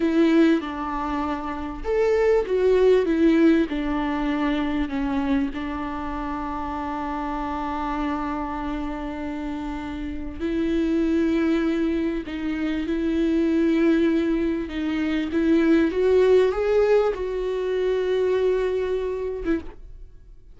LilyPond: \new Staff \with { instrumentName = "viola" } { \time 4/4 \tempo 4 = 98 e'4 d'2 a'4 | fis'4 e'4 d'2 | cis'4 d'2.~ | d'1~ |
d'4 e'2. | dis'4 e'2. | dis'4 e'4 fis'4 gis'4 | fis'2.~ fis'8. e'16 | }